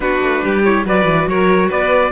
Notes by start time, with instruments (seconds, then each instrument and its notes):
0.00 cello B3, viola D4, violin F#4, trumpet B4
0.21 cello A3
0.44 cello G3, violin G4
0.63 viola E4, trumpet C#5
0.84 cello F#3, viola F#4, violin B4, trumpet D5
1.05 cello E3
1.27 cello F#3, violin A#4, trumpet C#5
1.69 cello B3, violin B4, trumpet D5